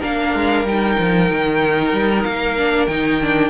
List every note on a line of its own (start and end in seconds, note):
0.00 0.34 A#3
0.00 0.65 D4
0.00 3.50 A#4
0.00 0.67 F5
0.34 0.64 G#3
0.64 0.96 G3
0.64 2.57 D#4
0.64 2.23 G5
0.99 1.31 F3
1.31 1.93 D#3
1.93 2.24 G3
2.23 2.87 A#3
2.23 2.87 F5
2.57 2.89 D4
2.87 3.50 D#3
2.87 3.22 D#4
2.87 3.50 G5
3.22 3.50 D4